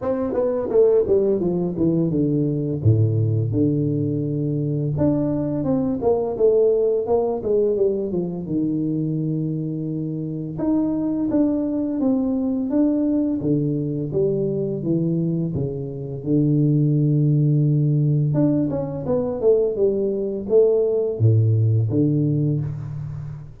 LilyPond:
\new Staff \with { instrumentName = "tuba" } { \time 4/4 \tempo 4 = 85 c'8 b8 a8 g8 f8 e8 d4 | a,4 d2 d'4 | c'8 ais8 a4 ais8 gis8 g8 f8 | dis2. dis'4 |
d'4 c'4 d'4 d4 | g4 e4 cis4 d4~ | d2 d'8 cis'8 b8 a8 | g4 a4 a,4 d4 | }